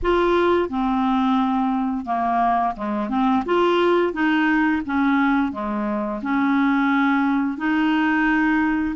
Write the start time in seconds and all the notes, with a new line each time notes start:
0.02 F4
0.69 C4
2.05 A#3
2.76 G#3
3.09 C4
3.45 F4
4.13 D#4
4.85 C#4
5.52 G#3
6.21 C#4
7.57 D#4